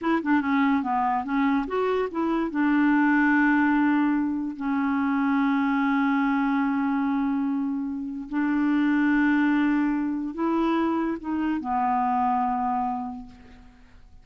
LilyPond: \new Staff \with { instrumentName = "clarinet" } { \time 4/4 \tempo 4 = 145 e'8 d'8 cis'4 b4 cis'4 | fis'4 e'4 d'2~ | d'2. cis'4~ | cis'1~ |
cis'1 | d'1~ | d'4 e'2 dis'4 | b1 | }